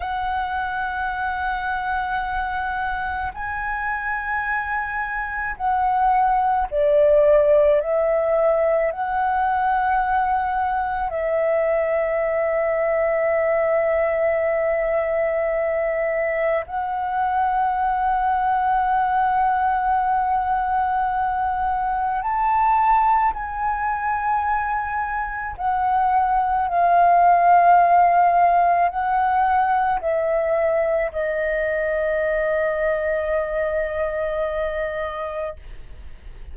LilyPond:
\new Staff \with { instrumentName = "flute" } { \time 4/4 \tempo 4 = 54 fis''2. gis''4~ | gis''4 fis''4 d''4 e''4 | fis''2 e''2~ | e''2. fis''4~ |
fis''1 | a''4 gis''2 fis''4 | f''2 fis''4 e''4 | dis''1 | }